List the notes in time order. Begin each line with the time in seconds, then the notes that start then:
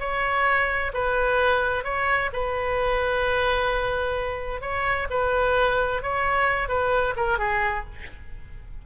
0.00 C#5
0.94 B4
1.84 C#5
2.33 B4
4.62 C#5
5.10 B4
6.03 C#5
6.69 B4
7.17 A#4
7.39 G#4